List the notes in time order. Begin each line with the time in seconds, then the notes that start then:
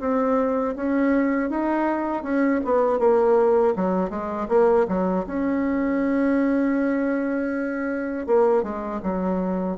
0.00 C4
0.76 C#4
1.50 D#4
2.23 C#4
2.65 B3
2.99 A#3
3.76 F#3
4.10 G#3
4.49 A#3
4.88 F#3
5.26 C#4
8.27 A#3
8.63 G#3
9.02 F#3